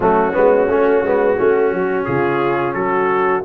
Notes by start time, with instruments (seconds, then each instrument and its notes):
0.00 tuba F#3, trombone A3, horn C#4, trumpet F#4
0.32 tuba G#3, trombone B3
0.68 tuba A3, trombone C#4
1.03 tuba G#3, trombone B3
1.36 tuba A3, trombone C#4, horn F#4
1.72 tuba F#3
2.04 tuba C#3, horn F4, trumpet G#4
2.73 tuba F#3, horn F#4, trumpet A4